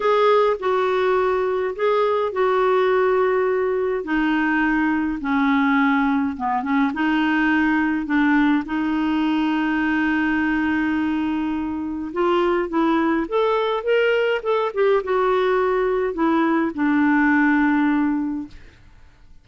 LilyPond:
\new Staff \with { instrumentName = "clarinet" } { \time 4/4 \tempo 4 = 104 gis'4 fis'2 gis'4 | fis'2. dis'4~ | dis'4 cis'2 b8 cis'8 | dis'2 d'4 dis'4~ |
dis'1~ | dis'4 f'4 e'4 a'4 | ais'4 a'8 g'8 fis'2 | e'4 d'2. | }